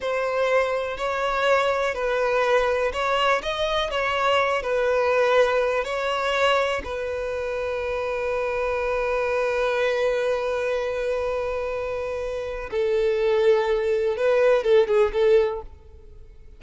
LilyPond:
\new Staff \with { instrumentName = "violin" } { \time 4/4 \tempo 4 = 123 c''2 cis''2 | b'2 cis''4 dis''4 | cis''4. b'2~ b'8 | cis''2 b'2~ |
b'1~ | b'1~ | b'2 a'2~ | a'4 b'4 a'8 gis'8 a'4 | }